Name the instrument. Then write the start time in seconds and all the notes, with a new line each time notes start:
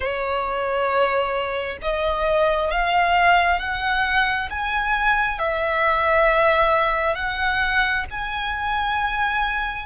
violin
0.00 C#5
1.82 D#5
2.71 F5
3.59 F#5
4.49 G#5
5.38 E5
7.15 F#5
8.10 G#5